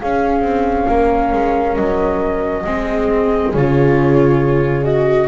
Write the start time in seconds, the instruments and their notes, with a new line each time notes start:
0.00 double bass C#4, viola C#4, horn G#4, flute F5
0.42 double bass C4
0.87 double bass A#3, horn A#4
1.33 double bass G#3
1.76 double bass F#3, flute D#5
2.64 double bass G#3, viola C4, horn G#4
3.53 double bass C#3, viola F4, flute C#5
4.84 viola F#4, flute D#5